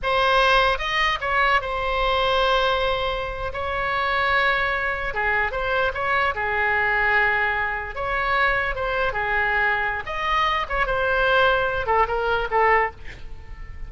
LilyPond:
\new Staff \with { instrumentName = "oboe" } { \time 4/4 \tempo 4 = 149 c''2 dis''4 cis''4 | c''1~ | c''8. cis''2.~ cis''16~ | cis''8. gis'4 c''4 cis''4 gis'16~ |
gis'2.~ gis'8. cis''16~ | cis''4.~ cis''16 c''4 gis'4~ gis'16~ | gis'4 dis''4. cis''8 c''4~ | c''4. a'8 ais'4 a'4 | }